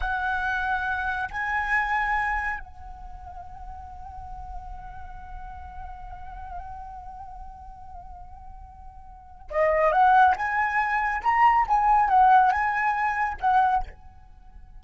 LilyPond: \new Staff \with { instrumentName = "flute" } { \time 4/4 \tempo 4 = 139 fis''2. gis''4~ | gis''2 fis''2~ | fis''1~ | fis''1~ |
fis''1~ | fis''2 dis''4 fis''4 | gis''2 ais''4 gis''4 | fis''4 gis''2 fis''4 | }